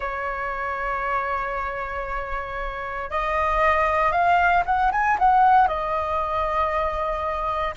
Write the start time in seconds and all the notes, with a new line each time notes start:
0.00 C#5
3.10 D#5
4.11 F5
4.65 F#5
4.91 G#5
5.18 F#5
5.67 D#5